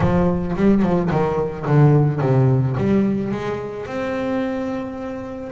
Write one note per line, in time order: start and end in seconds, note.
0.00 0.55 F3
0.56 0.82 G3
0.82 1.09 F3
1.10 1.65 D#3
1.66 2.21 D3
2.21 2.76 C3
2.77 3.31 G3
3.31 3.86 G#3
3.86 5.51 C4